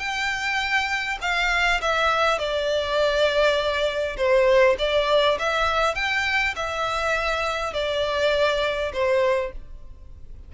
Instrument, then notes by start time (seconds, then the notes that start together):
violin
0.00 G5
1.22 F5
1.82 E5
2.39 D5
4.17 C5
4.79 D5
5.40 E5
5.96 G5
6.56 E5
7.74 D5
8.94 C5